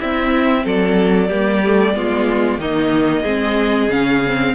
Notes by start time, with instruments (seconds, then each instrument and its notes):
0.00 cello C4, viola C4, violin E4 E5
0.65 cello F#3, violin A4 D5
1.28 cello G3, viola A#3, violin G4
1.65 viola A3
1.94 cello G#3, viola B3, violin F4
2.58 cello D#3, viola A#3, violin D#4 D#5
3.22 cello G#3, viola C4, violin G#4
3.89 cello C#3, viola C#4, violin F5
4.27 viola C4